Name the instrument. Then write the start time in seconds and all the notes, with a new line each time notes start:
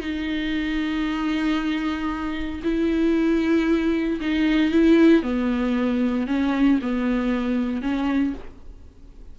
viola
0.00 D#4
2.63 E4
4.21 D#4
4.71 E4
5.23 B3
6.27 C#4
6.82 B3
7.82 C#4